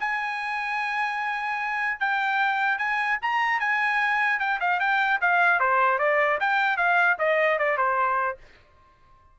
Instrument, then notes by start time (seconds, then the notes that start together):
trumpet
0.00 G#5
2.00 G5
2.78 G#5
3.22 A#5
3.60 G#5
4.40 G5
4.60 F5
4.80 G5
5.21 F5
5.60 C5
5.99 D5
6.40 G5
6.77 F5
7.19 D#5
7.59 D5
7.77 C5